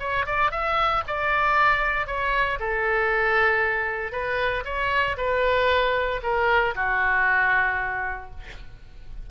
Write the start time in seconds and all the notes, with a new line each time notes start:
0.00 C#5
0.26 D5
0.51 E5
1.07 D5
2.07 C#5
2.60 A4
4.12 B4
4.65 C#5
5.17 B4
6.23 A#4
6.75 F#4